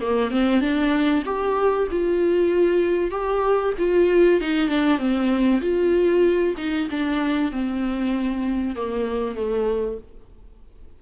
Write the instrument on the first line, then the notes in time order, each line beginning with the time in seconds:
viola
0.00 A#3
0.30 C4
0.60 D4
1.25 G4
1.91 F4
3.11 G4
3.78 F4
4.41 D#4
4.68 D4
4.98 C4
5.61 F4
6.57 D#4
6.90 D4
7.51 C4
8.75 A#3
9.35 A3